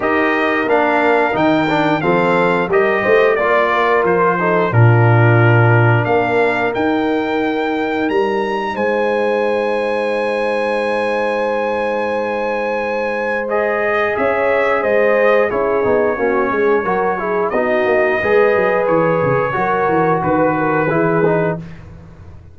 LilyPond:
<<
  \new Staff \with { instrumentName = "trumpet" } { \time 4/4 \tempo 4 = 89 dis''4 f''4 g''4 f''4 | dis''4 d''4 c''4 ais'4~ | ais'4 f''4 g''2 | ais''4 gis''2.~ |
gis''1 | dis''4 e''4 dis''4 cis''4~ | cis''2 dis''2 | cis''2 b'2 | }
  \new Staff \with { instrumentName = "horn" } { \time 4/4 ais'2. a'4 | ais'8 c''8 d''8 ais'4 a'8 f'4~ | f'4 ais'2.~ | ais'4 c''2.~ |
c''1~ | c''4 cis''4 c''4 gis'4 | fis'8 gis'8 ais'8 gis'8 fis'4 b'4~ | b'4 ais'4 b'8 ais'8 gis'4 | }
  \new Staff \with { instrumentName = "trombone" } { \time 4/4 g'4 d'4 dis'8 d'8 c'4 | g'4 f'4. dis'8 d'4~ | d'2 dis'2~ | dis'1~ |
dis'1 | gis'2. e'8 dis'8 | cis'4 fis'8 e'8 dis'4 gis'4~ | gis'4 fis'2 e'8 dis'8 | }
  \new Staff \with { instrumentName = "tuba" } { \time 4/4 dis'4 ais4 dis4 f4 | g8 a8 ais4 f4 ais,4~ | ais,4 ais4 dis'2 | g4 gis2.~ |
gis1~ | gis4 cis'4 gis4 cis'8 b8 | ais8 gis8 fis4 b8 ais8 gis8 fis8 | e8 cis8 fis8 e8 dis4 e4 | }
>>